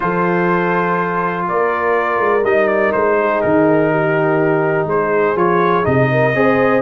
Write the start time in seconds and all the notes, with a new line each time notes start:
0.00 F3 F4 A4 C5
1.47 A#3 A#4 D5
2.19 G#3
2.44 G3 D#4 D#5
2.67 D5
2.92 G#3 C5
3.19 G#4
3.41 D#3 A#4
3.91 G4
4.85 G#3 G#4 C5
5.35 F3 F4 C#5
5.83 C3 D#4 D#5
6.11 A#4
6.34 C4 G#4 C5